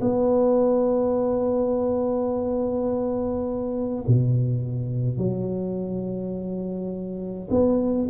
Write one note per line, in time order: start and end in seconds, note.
0.00 4.04 B3
4.07 5.18 B2
5.18 7.48 F#3
7.50 8.08 B3